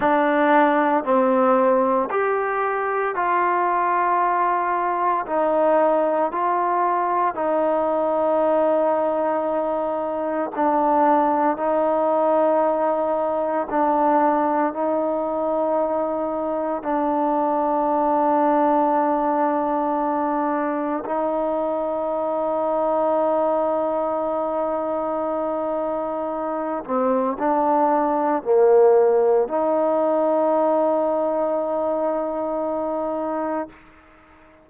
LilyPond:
\new Staff \with { instrumentName = "trombone" } { \time 4/4 \tempo 4 = 57 d'4 c'4 g'4 f'4~ | f'4 dis'4 f'4 dis'4~ | dis'2 d'4 dis'4~ | dis'4 d'4 dis'2 |
d'1 | dis'1~ | dis'4. c'8 d'4 ais4 | dis'1 | }